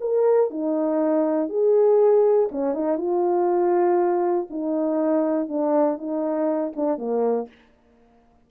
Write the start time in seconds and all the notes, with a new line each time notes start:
0.00 A#4
0.50 D#4
1.49 G#4
2.52 C#4
2.74 D#4
2.97 F4
4.50 D#4
5.48 D4
5.98 D#4
6.76 D4
6.98 A#3